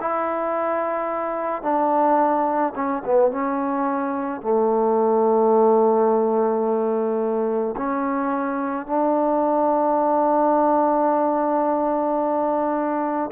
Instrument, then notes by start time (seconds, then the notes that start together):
trombone
0.00 E4
1.62 D4
2.75 C#4
3.05 B3
3.31 C#4
4.41 A3
7.76 C#4
8.86 D4